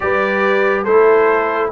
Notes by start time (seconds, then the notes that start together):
0.00 G3 G4 B4 D5
0.83 A3 E4 A4 C5